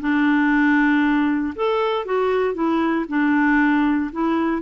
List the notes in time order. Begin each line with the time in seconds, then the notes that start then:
0.00 D4
1.55 A4
2.05 F#4
2.54 E4
3.08 D4
4.12 E4